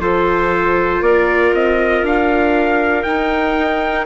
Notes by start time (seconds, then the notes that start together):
0.00 F3 F4 A4 C5
1.01 A#3 A#4 D5
1.54 C4 D#5
2.03 D4 F5
3.04 D#4 G5